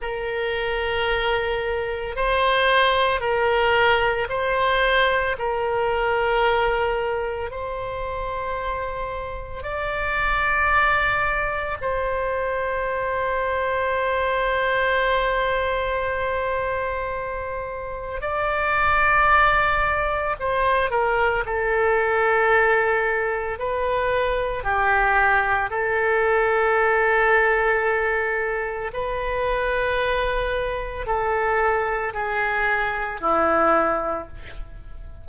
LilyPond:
\new Staff \with { instrumentName = "oboe" } { \time 4/4 \tempo 4 = 56 ais'2 c''4 ais'4 | c''4 ais'2 c''4~ | c''4 d''2 c''4~ | c''1~ |
c''4 d''2 c''8 ais'8 | a'2 b'4 g'4 | a'2. b'4~ | b'4 a'4 gis'4 e'4 | }